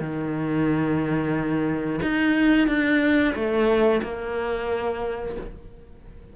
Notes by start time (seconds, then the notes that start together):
0.00 D#3
2.02 D#4
2.68 D4
3.35 A3
4.03 A#3